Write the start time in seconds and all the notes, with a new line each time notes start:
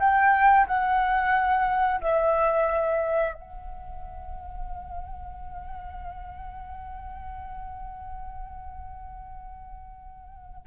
0.00 G5
0.68 F#5
2.02 E5
3.35 F#5